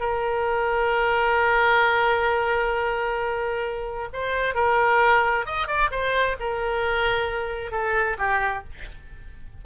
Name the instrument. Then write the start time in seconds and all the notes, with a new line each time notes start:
oboe
0.00 A#4
4.13 C5
4.55 A#4
5.46 D#5
5.68 D5
5.91 C5
6.40 A#4
7.72 A4
8.18 G4